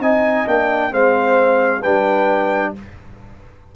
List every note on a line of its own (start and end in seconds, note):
0.00 0.45 C4
0.00 0.46 D#4
0.00 0.92 D#5
0.00 0.48 G#5
0.46 0.92 A#3
0.46 0.91 D4
0.46 0.94 G5
0.91 1.83 G#3
0.91 1.82 C4
0.91 1.82 C5
0.91 1.83 F5
1.82 2.75 G3
1.82 2.76 D4
1.82 2.73 B4
1.82 2.74 G5